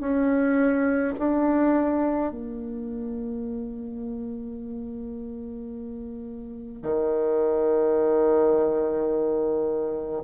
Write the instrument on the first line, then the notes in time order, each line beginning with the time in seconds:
bassoon
0.00 C#4
1.18 D4
2.31 A#3
6.82 D#3